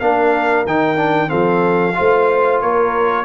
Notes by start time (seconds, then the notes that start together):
0.00 A#3 D4 A#4 F5
0.66 D#3 D#4 G5
0.97 D4
1.28 F3 C4 A4 F5
1.95 A3 F4 C5
2.61 A#3 A#4 C#5